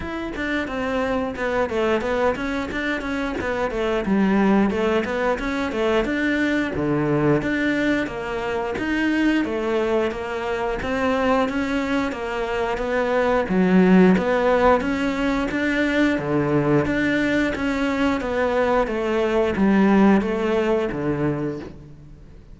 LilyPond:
\new Staff \with { instrumentName = "cello" } { \time 4/4 \tempo 4 = 89 e'8 d'8 c'4 b8 a8 b8 cis'8 | d'8 cis'8 b8 a8 g4 a8 b8 | cis'8 a8 d'4 d4 d'4 | ais4 dis'4 a4 ais4 |
c'4 cis'4 ais4 b4 | fis4 b4 cis'4 d'4 | d4 d'4 cis'4 b4 | a4 g4 a4 d4 | }